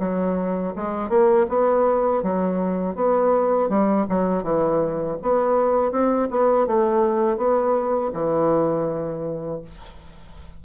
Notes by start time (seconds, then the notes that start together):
0.00 F#3
0.76 G#3
1.10 A#3
1.49 B3
2.23 F#3
2.96 B3
3.70 G3
4.10 F#3
4.43 E3
5.23 B3
5.92 C4
6.31 B3
6.67 A3
7.38 B3
8.14 E3